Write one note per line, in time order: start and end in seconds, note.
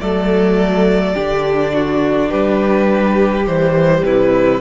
0.00 1.16 F#3
0.00 1.14 A3
0.00 1.14 A4
0.00 2.30 D5
1.14 2.32 D3
1.14 3.45 D4
1.14 1.72 G4
1.73 2.30 F#4
2.30 3.47 G3
2.30 4.03 G4
2.30 3.45 B4
3.46 4.02 E3
3.46 4.61 G3
3.46 4.04 C5
4.02 4.60 C3
4.02 4.61 E4
4.02 4.61 B4